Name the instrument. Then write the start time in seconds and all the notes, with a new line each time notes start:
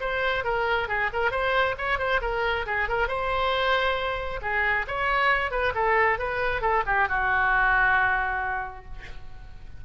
oboe
0.00 C5
0.44 A#4
0.88 G#4
1.13 A#4
1.31 C5
1.77 C#5
1.98 C5
2.21 A#4
2.66 G#4
2.88 A#4
3.08 C5
4.42 G#4
4.87 C#5
5.51 B4
5.75 A4
6.18 B4
6.61 A4
6.86 G4
7.08 F#4